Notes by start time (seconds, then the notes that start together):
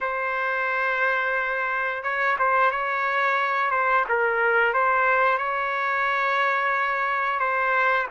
0.00 C5
2.03 C#5
2.38 C5
2.71 C#5
3.70 C5
4.08 A#4
4.73 C5
5.37 C#5
7.39 C5